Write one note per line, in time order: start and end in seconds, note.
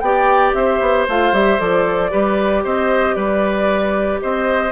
0.00 0.53 B3
0.00 1.09 G4
0.00 0.57 D5
0.00 0.52 G5
0.54 0.80 C4
0.54 2.12 C5
0.54 1.06 E5
0.81 1.07 B3
1.09 1.33 A3
1.09 1.33 F4
1.09 1.35 F5
1.33 1.59 G3
1.33 1.59 G4
1.33 1.60 E5
1.59 2.12 F3
1.59 2.11 A4
1.59 2.64 D5
2.11 2.65 G3
2.11 4.72 G4
2.11 2.64 B4
2.65 3.16 C4
2.65 3.16 C5
2.65 3.15 D#5
3.15 4.21 G3
3.15 4.21 B4
3.15 4.19 D5
4.23 4.72 C4
4.23 4.72 C5
4.23 4.72 D#5